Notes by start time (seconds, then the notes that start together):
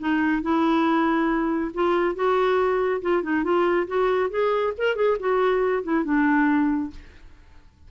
0.00 D#4
0.43 E4
1.74 F4
2.15 F#4
3.02 F4
3.23 D#4
3.44 F4
3.88 F#4
4.30 G#4
4.78 A#4
4.96 G#4
5.20 F#4
5.84 E4
6.05 D4